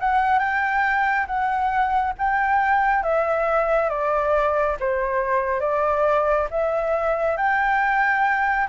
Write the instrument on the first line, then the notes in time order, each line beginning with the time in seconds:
flute
0.00 F#5
0.39 G5
1.27 F#5
2.19 G5
3.04 E5
3.89 D5
4.80 C5
5.60 D5
6.51 E5
7.37 G5